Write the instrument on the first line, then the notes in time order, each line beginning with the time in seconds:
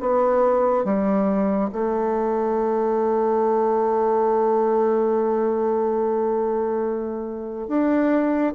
bassoon
0.00 B3
0.85 G3
1.72 A3
7.68 D4